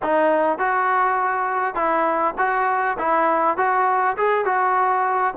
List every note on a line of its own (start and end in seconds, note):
0.02 0.58 D#4
0.58 1.74 F#4
1.74 2.34 E4
2.38 2.97 F#4
2.98 3.57 E4
3.57 4.16 F#4
4.17 4.45 G#4
4.45 5.34 F#4